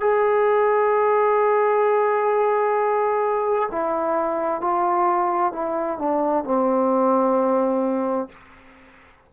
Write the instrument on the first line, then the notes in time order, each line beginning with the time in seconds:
trombone
0.00 G#4
3.71 E4
4.61 F4
5.53 E4
5.98 D4
6.44 C4